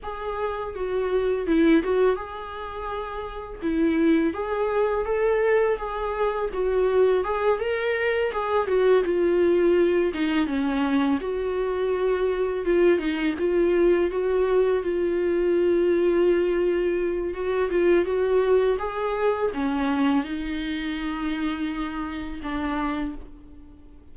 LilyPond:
\new Staff \with { instrumentName = "viola" } { \time 4/4 \tempo 4 = 83 gis'4 fis'4 e'8 fis'8 gis'4~ | gis'4 e'4 gis'4 a'4 | gis'4 fis'4 gis'8 ais'4 gis'8 | fis'8 f'4. dis'8 cis'4 fis'8~ |
fis'4. f'8 dis'8 f'4 fis'8~ | fis'8 f'2.~ f'8 | fis'8 f'8 fis'4 gis'4 cis'4 | dis'2. d'4 | }